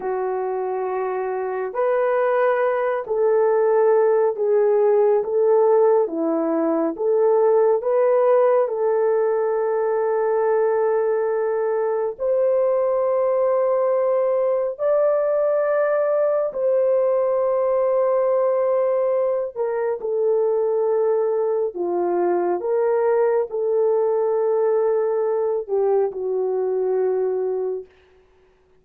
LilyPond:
\new Staff \with { instrumentName = "horn" } { \time 4/4 \tempo 4 = 69 fis'2 b'4. a'8~ | a'4 gis'4 a'4 e'4 | a'4 b'4 a'2~ | a'2 c''2~ |
c''4 d''2 c''4~ | c''2~ c''8 ais'8 a'4~ | a'4 f'4 ais'4 a'4~ | a'4. g'8 fis'2 | }